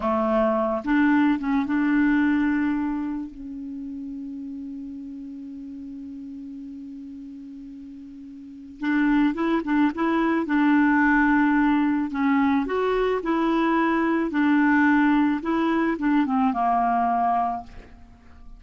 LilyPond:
\new Staff \with { instrumentName = "clarinet" } { \time 4/4 \tempo 4 = 109 a4. d'4 cis'8 d'4~ | d'2 cis'2~ | cis'1~ | cis'1 |
d'4 e'8 d'8 e'4 d'4~ | d'2 cis'4 fis'4 | e'2 d'2 | e'4 d'8 c'8 ais2 | }